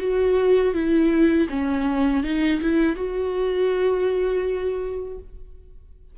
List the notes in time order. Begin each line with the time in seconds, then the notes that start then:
0.00 F#4
0.74 E4
1.50 C#4
2.24 D#4
2.62 E4
2.96 F#4